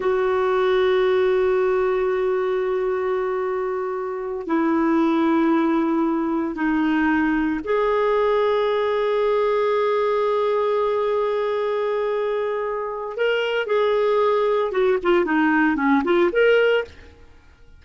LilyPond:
\new Staff \with { instrumentName = "clarinet" } { \time 4/4 \tempo 4 = 114 fis'1~ | fis'1~ | fis'8 e'2.~ e'8~ | e'8 dis'2 gis'4.~ |
gis'1~ | gis'1~ | gis'4 ais'4 gis'2 | fis'8 f'8 dis'4 cis'8 f'8 ais'4 | }